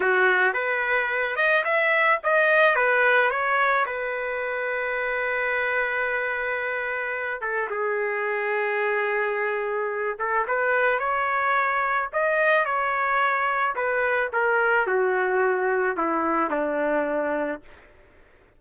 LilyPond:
\new Staff \with { instrumentName = "trumpet" } { \time 4/4 \tempo 4 = 109 fis'4 b'4. dis''8 e''4 | dis''4 b'4 cis''4 b'4~ | b'1~ | b'4. a'8 gis'2~ |
gis'2~ gis'8 a'8 b'4 | cis''2 dis''4 cis''4~ | cis''4 b'4 ais'4 fis'4~ | fis'4 e'4 d'2 | }